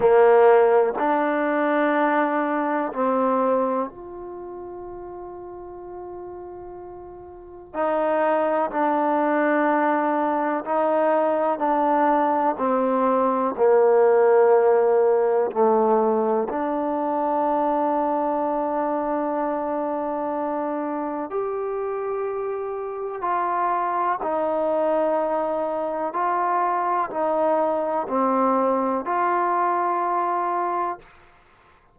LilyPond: \new Staff \with { instrumentName = "trombone" } { \time 4/4 \tempo 4 = 62 ais4 d'2 c'4 | f'1 | dis'4 d'2 dis'4 | d'4 c'4 ais2 |
a4 d'2.~ | d'2 g'2 | f'4 dis'2 f'4 | dis'4 c'4 f'2 | }